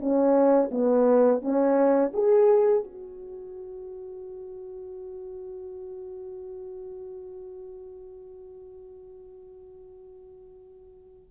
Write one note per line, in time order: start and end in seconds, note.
0.00 0.71 C#4
0.71 1.41 B3
1.41 2.12 C#4
2.14 2.84 G#4
2.84 11.31 F#4